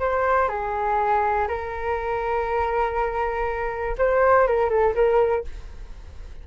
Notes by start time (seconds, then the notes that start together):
0.00 C5
0.49 G#4
1.49 A#4
3.98 C5
4.48 A#4
4.70 A4
4.95 A#4